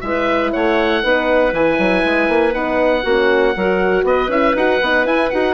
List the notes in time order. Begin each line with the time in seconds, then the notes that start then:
0.00 G#3 E4 B4 E5
0.52 A3 C#5 F#5
1.03 B3 D#4 B4
1.52 E3 E4 G#5
1.78 F#3
2.04 G#3
2.28 A#3
2.52 B3 D#4 F#5
3.03 A#3 C#4 F#4
3.55 F#3 F#4 A#4
4.03 B3 B4 D#5
4.28 C#4 E4 E5
4.55 D#4 F#4 F#5
4.82 B3 D#4
5.04 E4 G#5
5.29 D#4 F#4 F#5